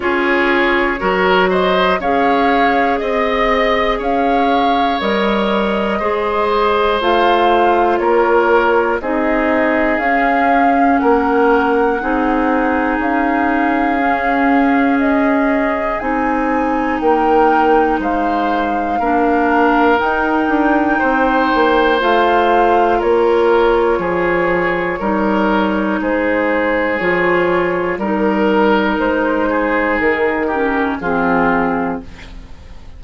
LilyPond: <<
  \new Staff \with { instrumentName = "flute" } { \time 4/4 \tempo 4 = 60 cis''4. dis''8 f''4 dis''4 | f''4 dis''2 f''4 | cis''4 dis''4 f''4 fis''4~ | fis''4 f''2 dis''4 |
gis''4 g''4 f''2 | g''2 f''4 cis''4~ | cis''2 c''4 cis''4 | ais'4 c''4 ais'4 gis'4 | }
  \new Staff \with { instrumentName = "oboe" } { \time 4/4 gis'4 ais'8 c''8 cis''4 dis''4 | cis''2 c''2 | ais'4 gis'2 ais'4 | gis'1~ |
gis'4 ais'4 c''4 ais'4~ | ais'4 c''2 ais'4 | gis'4 ais'4 gis'2 | ais'4. gis'4 g'8 f'4 | }
  \new Staff \with { instrumentName = "clarinet" } { \time 4/4 f'4 fis'4 gis'2~ | gis'4 ais'4 gis'4 f'4~ | f'4 dis'4 cis'2 | dis'2 cis'2 |
dis'2. d'4 | dis'2 f'2~ | f'4 dis'2 f'4 | dis'2~ dis'8 cis'8 c'4 | }
  \new Staff \with { instrumentName = "bassoon" } { \time 4/4 cis'4 fis4 cis'4 c'4 | cis'4 g4 gis4 a4 | ais4 c'4 cis'4 ais4 | c'4 cis'2. |
c'4 ais4 gis4 ais4 | dis'8 d'8 c'8 ais8 a4 ais4 | f4 g4 gis4 f4 | g4 gis4 dis4 f4 | }
>>